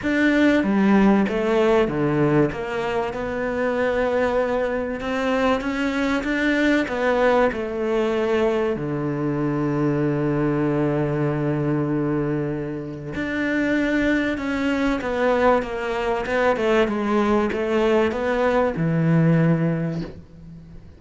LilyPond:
\new Staff \with { instrumentName = "cello" } { \time 4/4 \tempo 4 = 96 d'4 g4 a4 d4 | ais4 b2. | c'4 cis'4 d'4 b4 | a2 d2~ |
d1~ | d4 d'2 cis'4 | b4 ais4 b8 a8 gis4 | a4 b4 e2 | }